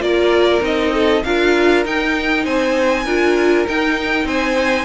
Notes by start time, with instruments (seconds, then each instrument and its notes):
0.00 cello A#3, viola F4, violin A#4 D5
0.61 cello C4, viola D#4, violin D#5
0.94 violin A4
1.24 cello D4, viola F4, violin A#4 F5
1.85 viola D#4, cello D#4, violin G5
2.44 cello C4, violin C5 G#5
3.05 cello D4, viola F4, violin A#4
3.67 viola D#4, cello D#4, violin G5
4.25 cello C4, violin C5 G#5